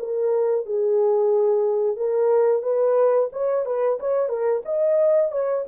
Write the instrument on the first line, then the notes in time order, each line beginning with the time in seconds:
horn
0.00 A#4
0.66 G#4
1.97 A#4
2.63 B4
3.33 C#5
3.66 B4
4.00 C#5
4.29 A#4
4.66 D#5
5.32 C#5